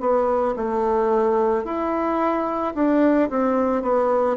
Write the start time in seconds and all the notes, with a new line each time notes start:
0.00 B3
0.56 A3
1.65 E4
2.75 D4
3.30 C4
3.82 B3